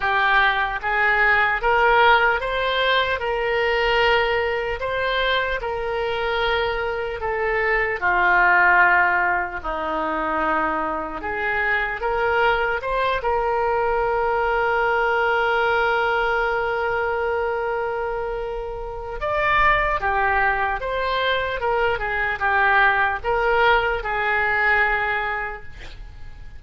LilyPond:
\new Staff \with { instrumentName = "oboe" } { \time 4/4 \tempo 4 = 75 g'4 gis'4 ais'4 c''4 | ais'2 c''4 ais'4~ | ais'4 a'4 f'2 | dis'2 gis'4 ais'4 |
c''8 ais'2.~ ais'8~ | ais'1 | d''4 g'4 c''4 ais'8 gis'8 | g'4 ais'4 gis'2 | }